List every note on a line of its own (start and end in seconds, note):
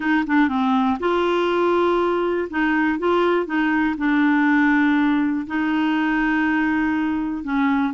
0.00 0.24 D#4
0.26 0.48 D4
0.48 0.97 C4
0.99 2.48 F4
2.50 2.98 D#4
2.98 3.46 F4
3.46 3.95 D#4
3.97 5.46 D4
5.46 7.43 D#4
7.43 7.93 C#4